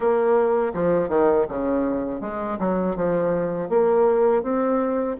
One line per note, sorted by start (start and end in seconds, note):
0.00 0.72 A#3
0.73 1.08 F3
1.08 1.45 D#3
1.48 2.20 C#3
2.20 2.57 G#3
2.59 2.96 F#3
2.96 3.69 F3
3.69 4.42 A#3
4.42 5.16 C4